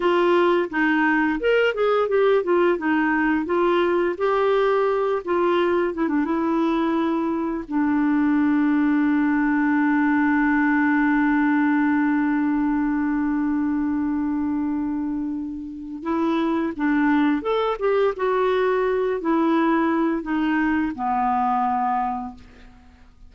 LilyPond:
\new Staff \with { instrumentName = "clarinet" } { \time 4/4 \tempo 4 = 86 f'4 dis'4 ais'8 gis'8 g'8 f'8 | dis'4 f'4 g'4. f'8~ | f'8 e'16 d'16 e'2 d'4~ | d'1~ |
d'1~ | d'2. e'4 | d'4 a'8 g'8 fis'4. e'8~ | e'4 dis'4 b2 | }